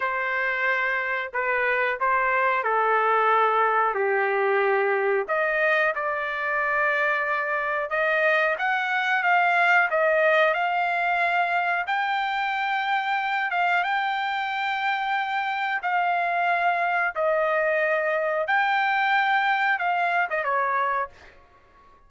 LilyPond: \new Staff \with { instrumentName = "trumpet" } { \time 4/4 \tempo 4 = 91 c''2 b'4 c''4 | a'2 g'2 | dis''4 d''2. | dis''4 fis''4 f''4 dis''4 |
f''2 g''2~ | g''8 f''8 g''2. | f''2 dis''2 | g''2 f''8. dis''16 cis''4 | }